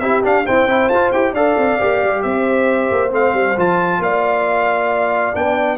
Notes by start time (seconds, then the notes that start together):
0.00 C4 E4 G4 E5
0.23 D4 F5
0.45 C4 E4 C5 G5
0.66 C4 E4
0.89 F4 A5
1.12 E4 G4 G5
1.33 D4 A4 D5 F5
1.58 C4
1.80 A#3 G4
2.04 G3
2.23 C4 C5 E5
2.91 A#3
3.10 A3 C4 F5
3.34 G3
3.58 F3 F4 A5
3.99 A#3 D5 F5
5.35 B3 D4 G5